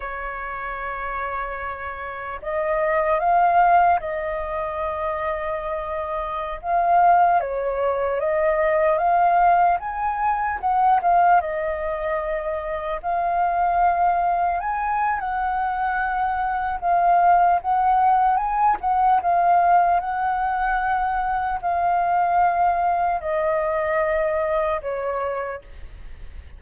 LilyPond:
\new Staff \with { instrumentName = "flute" } { \time 4/4 \tempo 4 = 75 cis''2. dis''4 | f''4 dis''2.~ | dis''16 f''4 cis''4 dis''4 f''8.~ | f''16 gis''4 fis''8 f''8 dis''4.~ dis''16~ |
dis''16 f''2 gis''8. fis''4~ | fis''4 f''4 fis''4 gis''8 fis''8 | f''4 fis''2 f''4~ | f''4 dis''2 cis''4 | }